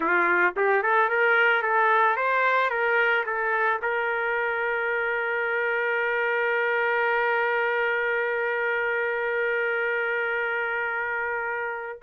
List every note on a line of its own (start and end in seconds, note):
0.00 0.54 F4
0.56 0.82 G4
0.82 1.09 A4
1.09 1.62 A#4
1.62 2.16 A4
2.16 2.70 C5
2.70 3.24 A#4
3.26 3.80 A4
3.82 12.00 A#4